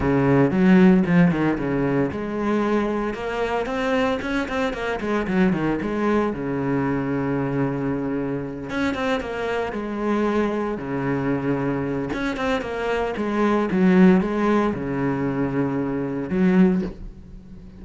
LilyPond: \new Staff \with { instrumentName = "cello" } { \time 4/4 \tempo 4 = 114 cis4 fis4 f8 dis8 cis4 | gis2 ais4 c'4 | cis'8 c'8 ais8 gis8 fis8 dis8 gis4 | cis1~ |
cis8 cis'8 c'8 ais4 gis4.~ | gis8 cis2~ cis8 cis'8 c'8 | ais4 gis4 fis4 gis4 | cis2. fis4 | }